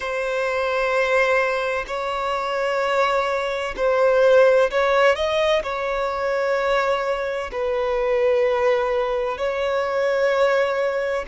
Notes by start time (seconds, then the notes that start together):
0.00 C5
1.87 C#5
3.76 C5
4.70 C#5
5.15 D#5
5.63 C#5
7.52 B4
9.37 C#5